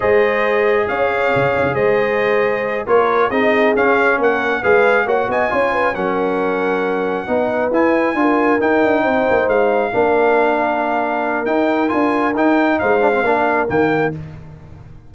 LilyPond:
<<
  \new Staff \with { instrumentName = "trumpet" } { \time 4/4 \tempo 4 = 136 dis''2 f''2 | dis''2~ dis''8 cis''4 dis''8~ | dis''8 f''4 fis''4 f''4 fis''8 | gis''4. fis''2~ fis''8~ |
fis''4. gis''2 g''8~ | g''4. f''2~ f''8~ | f''2 g''4 gis''4 | g''4 f''2 g''4 | }
  \new Staff \with { instrumentName = "horn" } { \time 4/4 c''2 cis''2 | c''2~ c''8 ais'4 gis'8~ | gis'4. ais'4 b'4 cis''8 | dis''8 cis''8 b'8 ais'2~ ais'8~ |
ais'8 b'2 ais'4.~ | ais'8 c''2 ais'4.~ | ais'1~ | ais'4 c''4 ais'2 | }
  \new Staff \with { instrumentName = "trombone" } { \time 4/4 gis'1~ | gis'2~ gis'8 f'4 dis'8~ | dis'8 cis'2 gis'4 fis'8~ | fis'8 f'4 cis'2~ cis'8~ |
cis'8 dis'4 e'4 f'4 dis'8~ | dis'2~ dis'8 d'4.~ | d'2 dis'4 f'4 | dis'4. d'16 c'16 d'4 ais4 | }
  \new Staff \with { instrumentName = "tuba" } { \time 4/4 gis2 cis'4 cis8 cis'16 cis16 | gis2~ gis8 ais4 c'8~ | c'8 cis'4 ais4 gis4 ais8 | b8 cis'4 fis2~ fis8~ |
fis8 b4 e'4 d'4 dis'8 | d'8 c'8 ais8 gis4 ais4.~ | ais2 dis'4 d'4 | dis'4 gis4 ais4 dis4 | }
>>